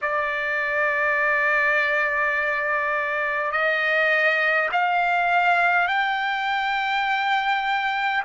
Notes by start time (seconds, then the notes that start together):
0.01 D5
3.51 D#5
4.72 F5
5.87 G5